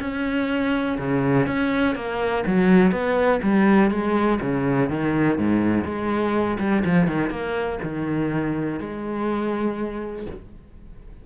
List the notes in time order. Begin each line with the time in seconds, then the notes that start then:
0.00 C#4
0.98 C#3
1.46 C#4
1.95 A#3
2.46 F#3
2.92 B3
3.42 G3
3.90 G#3
4.41 C#3
4.89 D#3
5.38 G#2
5.84 G#3
6.59 G3
6.85 F3
7.07 D#3
7.30 A#3
7.83 D#3
8.80 G#3